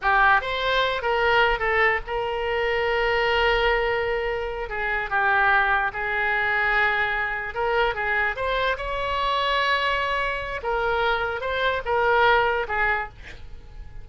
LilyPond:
\new Staff \with { instrumentName = "oboe" } { \time 4/4 \tempo 4 = 147 g'4 c''4. ais'4. | a'4 ais'2.~ | ais'2.~ ais'8 gis'8~ | gis'8 g'2 gis'4.~ |
gis'2~ gis'8 ais'4 gis'8~ | gis'8 c''4 cis''2~ cis''8~ | cis''2 ais'2 | c''4 ais'2 gis'4 | }